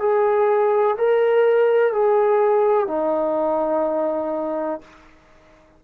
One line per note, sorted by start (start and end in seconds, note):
0.00 0.97 G#4
0.98 1.93 A#4
1.93 2.88 G#4
2.88 4.81 D#4